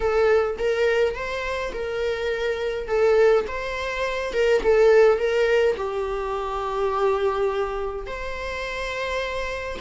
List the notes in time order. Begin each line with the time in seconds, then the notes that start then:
0.00 A4
0.58 A#4
1.14 C5
1.73 A#4
2.87 A4
3.47 C5
4.33 A#4
4.63 A4
5.18 A#4
5.76 G4
8.06 C5